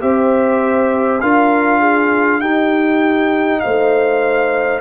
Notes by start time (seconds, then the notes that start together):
0.00 C4 G4 C5 E5
1.20 D4 F4 A#4 F5
1.79 G#4
2.40 D#4 G4 G5
3.60 A3 C5 F5